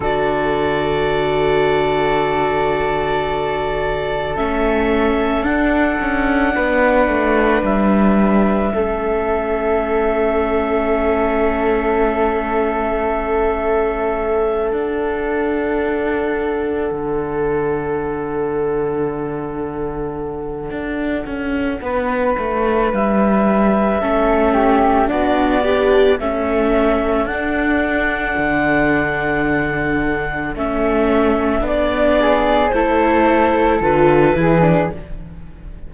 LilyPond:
<<
  \new Staff \with { instrumentName = "clarinet" } { \time 4/4 \tempo 4 = 55 d''1 | e''4 fis''2 e''4~ | e''1~ | e''4. fis''2~ fis''8~ |
fis''1~ | fis''4 e''2 d''4 | e''4 fis''2. | e''4 d''4 c''4 b'4 | }
  \new Staff \with { instrumentName = "flute" } { \time 4/4 a'1~ | a'2 b'2 | a'1~ | a'1~ |
a'1 | b'2 a'8 g'8 fis'8 d'8 | a'1~ | a'4. gis'8 a'4. gis'8 | }
  \new Staff \with { instrumentName = "viola" } { \time 4/4 fis'1 | cis'4 d'2. | cis'1~ | cis'4. d'2~ d'8~ |
d'1~ | d'2 cis'4 d'8 g'8 | cis'4 d'2. | cis'4 d'4 e'4 f'8 e'16 d'16 | }
  \new Staff \with { instrumentName = "cello" } { \time 4/4 d1 | a4 d'8 cis'8 b8 a8 g4 | a1~ | a4. d'2 d8~ |
d2. d'8 cis'8 | b8 a8 g4 a4 b4 | a4 d'4 d2 | a4 b4 a4 d8 e8 | }
>>